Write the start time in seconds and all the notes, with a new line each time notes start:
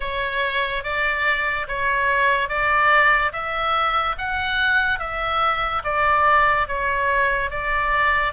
0.00 C#5
0.83 D5
1.68 C#5
2.48 D5
3.32 E5
4.18 F#5
4.99 E5
5.84 D5
6.67 C#5
7.50 D5